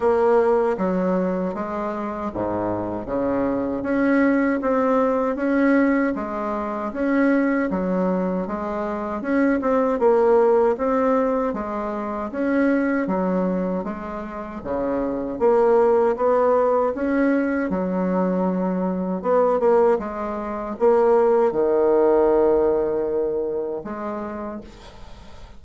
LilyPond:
\new Staff \with { instrumentName = "bassoon" } { \time 4/4 \tempo 4 = 78 ais4 fis4 gis4 gis,4 | cis4 cis'4 c'4 cis'4 | gis4 cis'4 fis4 gis4 | cis'8 c'8 ais4 c'4 gis4 |
cis'4 fis4 gis4 cis4 | ais4 b4 cis'4 fis4~ | fis4 b8 ais8 gis4 ais4 | dis2. gis4 | }